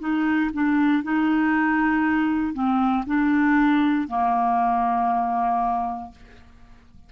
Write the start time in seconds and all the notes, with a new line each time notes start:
0.00 D#4
0.54 D4
1.04 D#4
2.54 C4
3.07 D4
4.08 A#3